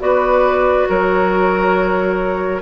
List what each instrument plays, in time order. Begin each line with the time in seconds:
0.00 bassoon B3, clarinet F#4, oboe B4, flute D5
0.89 bassoon F#3, oboe A#4, flute C#5